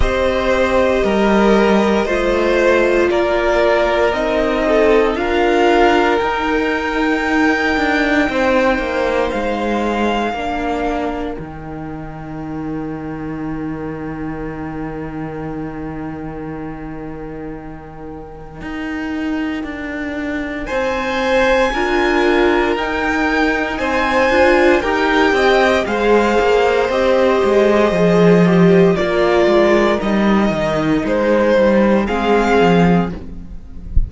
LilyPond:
<<
  \new Staff \with { instrumentName = "violin" } { \time 4/4 \tempo 4 = 58 dis''2. d''4 | dis''4 f''4 g''2~ | g''4 f''2 g''4~ | g''1~ |
g''1 | gis''2 g''4 gis''4 | g''4 f''4 dis''2 | d''4 dis''4 c''4 f''4 | }
  \new Staff \with { instrumentName = "violin" } { \time 4/4 c''4 ais'4 c''4 ais'4~ | ais'8 a'8 ais'2. | c''2 ais'2~ | ais'1~ |
ais'1 | c''4 ais'2 c''4 | ais'8 dis''8 c''2. | ais'2. gis'4 | }
  \new Staff \with { instrumentName = "viola" } { \time 4/4 g'2 f'2 | dis'4 f'4 dis'2~ | dis'2 d'4 dis'4~ | dis'1~ |
dis'1~ | dis'4 f'4 dis'4. f'8 | g'4 gis'4 g'4 gis'8 g'8 | f'4 dis'2 c'4 | }
  \new Staff \with { instrumentName = "cello" } { \time 4/4 c'4 g4 a4 ais4 | c'4 d'4 dis'4. d'8 | c'8 ais8 gis4 ais4 dis4~ | dis1~ |
dis2 dis'4 d'4 | c'4 d'4 dis'4 c'8 d'8 | dis'8 c'8 gis8 ais8 c'8 gis8 f4 | ais8 gis8 g8 dis8 gis8 g8 gis8 f8 | }
>>